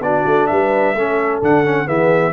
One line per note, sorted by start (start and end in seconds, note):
0.00 0.23 B3
0.00 0.96 D4
0.00 0.51 F#4
0.00 0.47 D5
0.26 0.49 A3
0.47 0.95 G3
0.47 0.97 B4
0.47 1.39 E5
0.95 1.41 A3
0.95 1.42 C#4
0.95 1.87 A4
1.42 1.88 D3
1.42 1.65 D4
1.42 1.88 F#5
1.65 1.86 C#4
1.86 2.34 E3
1.86 2.32 B3
1.86 2.33 G#4
1.86 2.34 E5